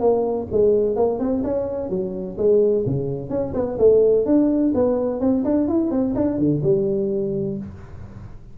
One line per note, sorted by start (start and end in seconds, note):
0.00 0.47 A#3
0.51 0.96 G#3
0.96 1.19 A#3
1.19 1.43 C4
1.43 1.89 C#4
1.89 2.37 F#3
2.38 2.85 G#3
2.86 3.30 C#3
3.30 3.53 C#4
3.54 3.78 B3
3.78 4.25 A3
4.25 4.73 D4
4.74 5.20 B3
5.20 5.44 C4
5.44 5.68 D4
5.68 5.91 E4
5.91 6.14 C4
6.15 6.38 D4
6.38 6.62 D3
6.63 7.58 G3